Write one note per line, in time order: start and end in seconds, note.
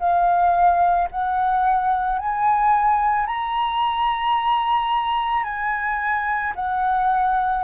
0.00 1.09 F5
1.11 2.19 F#5
2.19 3.27 G#5
3.27 5.44 A#5
5.44 6.54 G#5
6.56 7.64 F#5